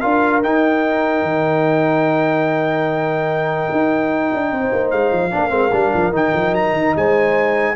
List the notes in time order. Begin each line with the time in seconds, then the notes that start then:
0.00 D4 F4 A#4 F5
0.43 D#4 G5
1.22 D#3
3.71 D#4
4.33 D4
4.50 C4 C5
4.72 A#3
4.90 G#3 F5
5.11 F3
5.31 A#3 D4 A#4
5.49 G#3 C4
5.71 G3 D4
5.93 F3
6.11 D#3 D#4 G5
6.34 F3
6.52 F#3 A#5
6.72 D#3
6.95 G#3 C5 G#5